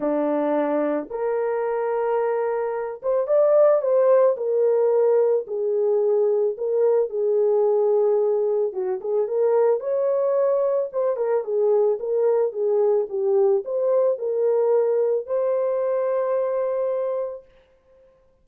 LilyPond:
\new Staff \with { instrumentName = "horn" } { \time 4/4 \tempo 4 = 110 d'2 ais'2~ | ais'4. c''8 d''4 c''4 | ais'2 gis'2 | ais'4 gis'2. |
fis'8 gis'8 ais'4 cis''2 | c''8 ais'8 gis'4 ais'4 gis'4 | g'4 c''4 ais'2 | c''1 | }